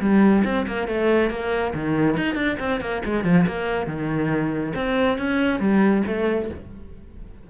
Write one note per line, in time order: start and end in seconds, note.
0.00 0.43 G3
0.44 0.66 C4
0.67 0.88 A#3
0.88 1.30 A3
1.30 1.73 A#3
1.74 2.17 D#3
2.17 2.35 D#4
2.35 2.56 D4
2.59 2.80 C4
2.80 3.02 A#3
3.05 3.24 G#3
3.24 3.46 F3
3.47 3.87 A#3
3.87 4.73 D#3
4.76 5.18 C4
5.18 5.60 C#4
5.60 6.03 G3
6.07 6.50 A3